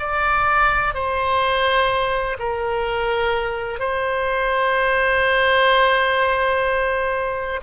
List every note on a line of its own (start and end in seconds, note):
0.00 0.95 D5
0.95 2.38 C5
2.39 3.80 A#4
3.80 7.61 C5